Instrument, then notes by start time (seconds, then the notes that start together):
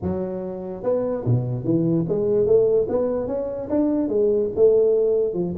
tuba
0.02 F#3
0.83 B3
1.25 B2
1.64 E3
2.08 G#3
2.46 A3
2.88 B3
3.27 C#4
3.69 D4
4.08 G#3
4.55 A3
5.33 F3